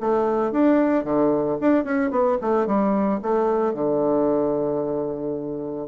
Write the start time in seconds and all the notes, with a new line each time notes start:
0.00 A3
0.52 D4
1.04 D3
1.60 D4
1.84 C#4
2.11 B3
2.41 A3
2.67 G3
3.22 A3
3.74 D3